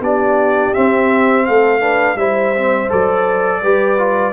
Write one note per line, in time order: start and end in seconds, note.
0.00 0.72 B3
0.00 0.74 D4
0.00 1.46 G4
0.00 0.74 D5
0.74 1.80 C4
0.74 1.48 C4
0.74 1.46 E5
1.46 2.15 A3
1.46 1.81 A4
1.46 2.17 F5
1.80 2.16 D4
1.80 2.17 B4
2.15 2.87 G3
2.15 2.55 E4
2.15 3.62 C5
2.15 2.90 E5
2.55 2.89 C4
2.89 3.62 F#3
2.89 3.61 A4
2.89 4.33 D5
3.62 4.33 G3
3.62 3.98 G4
3.62 4.33 B4
3.98 4.33 F4